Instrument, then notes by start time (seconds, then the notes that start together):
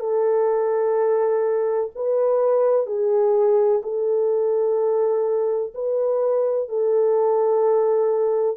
horn
0.00 A4
1.96 B4
2.87 G#4
3.83 A4
5.74 B4
6.69 A4